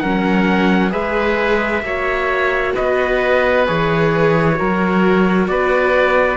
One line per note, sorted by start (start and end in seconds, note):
0.00 0.93 F#3
0.00 0.90 C#4
0.00 0.92 A#4
0.00 0.91 F#5
0.90 1.82 G#3
0.90 1.81 G#4
0.90 1.83 B4
0.90 2.74 E5
1.82 2.73 A#3
1.82 3.66 F#4
1.82 2.74 C#5
2.74 3.69 B3
2.74 4.56 B4
2.74 3.66 D#5
3.66 4.60 E3
3.66 4.54 G#4
3.66 5.48 C#5
4.54 6.36 F#4
4.54 5.49 A#4
4.61 5.48 F#3
5.48 6.37 B3
5.48 6.37 B4
5.48 6.37 D5